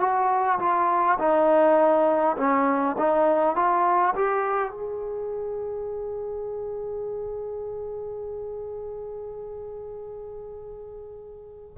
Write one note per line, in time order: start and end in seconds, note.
0.00 0.59 F#4
0.59 1.18 F4
1.19 2.36 D#4
2.37 2.96 C#4
2.98 3.56 D#4
3.56 4.14 F4
4.16 4.71 G4
4.71 11.77 G#4